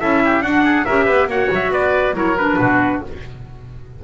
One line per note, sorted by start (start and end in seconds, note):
0.00 0.42 C#4
0.00 0.43 E4
0.00 0.22 A4
0.00 0.42 E5
0.25 0.43 G4
0.42 0.85 D4
0.42 0.86 D4
0.42 0.64 F#4
0.42 0.85 F#5
0.64 0.85 G#4
0.85 1.08 C#4
0.85 1.30 G4
0.85 1.05 A#4
0.85 1.28 E5
1.05 1.27 B3
1.05 1.27 B4
1.27 1.49 A#3
1.27 2.13 F#4
1.27 1.72 C#5
1.27 1.52 F#5
1.52 1.71 F#3
1.52 1.73 E5
1.71 2.13 B3
1.71 2.15 B4
1.71 2.16 D5
2.13 2.57 F#3
2.13 2.35 E4
2.13 2.59 A#4
2.13 2.38 C#5
2.38 3.04 D4
2.38 3.02 B4
2.59 3.02 B2
2.59 3.03 F#4